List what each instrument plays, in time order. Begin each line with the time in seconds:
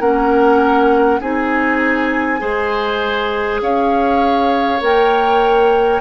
0.00 bassoon A#3, clarinet C#4, oboe A#4, flute F#5
1.21 bassoon C4, clarinet D#4, oboe G#4, flute G#5
2.39 bassoon G#3, clarinet G#4, oboe C5
3.62 bassoon C#4, oboe C#5, flute F5
4.81 bassoon A#3, clarinet A#4, flute G5